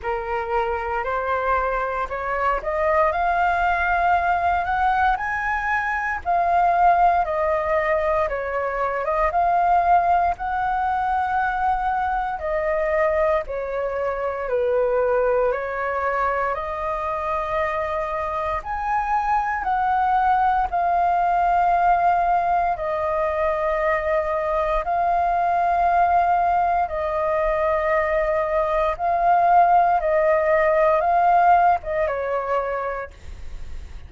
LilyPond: \new Staff \with { instrumentName = "flute" } { \time 4/4 \tempo 4 = 58 ais'4 c''4 cis''8 dis''8 f''4~ | f''8 fis''8 gis''4 f''4 dis''4 | cis''8. dis''16 f''4 fis''2 | dis''4 cis''4 b'4 cis''4 |
dis''2 gis''4 fis''4 | f''2 dis''2 | f''2 dis''2 | f''4 dis''4 f''8. dis''16 cis''4 | }